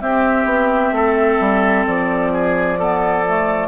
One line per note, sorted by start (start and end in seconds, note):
0.00 2.77 C4
0.00 0.45 C4
0.00 0.95 G4
0.00 1.85 E5
0.45 0.91 B3
0.92 1.38 A3
0.92 2.33 A4
1.40 1.86 G3
1.87 3.68 F3
1.87 3.68 D5
2.33 2.79 G#4
2.79 3.25 B3
2.79 3.68 A4
3.26 3.68 A3